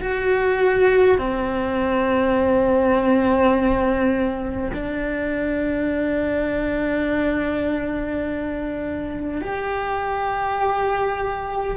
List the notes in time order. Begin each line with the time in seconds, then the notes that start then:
0.00 F#4
1.18 C4
4.73 D4
9.41 G4